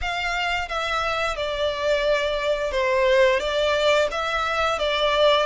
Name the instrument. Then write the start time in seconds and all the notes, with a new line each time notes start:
violin
0.01 F5
0.68 E5
1.36 D5
2.71 C5
3.39 D5
4.11 E5
4.79 D5